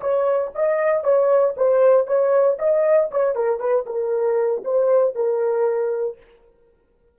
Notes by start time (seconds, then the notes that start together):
0.00 C#5
0.55 D#5
1.03 C#5
1.57 C5
2.07 C#5
2.59 D#5
3.11 C#5
3.35 A#4
3.59 B4
3.86 A#4
4.64 C5
5.15 A#4